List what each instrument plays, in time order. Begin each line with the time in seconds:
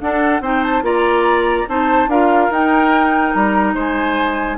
0.00 clarinet D4, bassoon D4, oboe A4, flute F#5
0.41 bassoon C4, clarinet D#4, oboe C5, flute G5
0.63 flute A5
0.82 bassoon A#3, clarinet F4, oboe D5, flute A#5
1.68 bassoon C4, clarinet D#4, oboe C5, flute A5
2.07 bassoon D4, clarinet F4, oboe A#4, flute F5
2.50 bassoon D#4, clarinet D#4, flute G5
3.34 bassoon G3, flute A#5
3.75 bassoon G#3, oboe C5, flute G#5